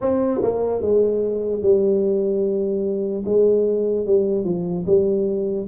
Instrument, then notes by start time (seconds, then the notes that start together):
tuba
0.01 C4
0.42 A#3
0.81 G#3
1.61 G3
3.25 G#3
4.06 G3
4.44 F3
4.86 G3